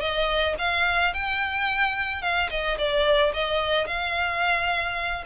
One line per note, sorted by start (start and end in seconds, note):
0.00 0.55 D#5
0.59 1.14 F5
1.14 2.22 G5
2.22 2.49 F5
2.50 2.77 D#5
2.78 3.33 D5
3.34 3.87 D#5
3.87 5.24 F5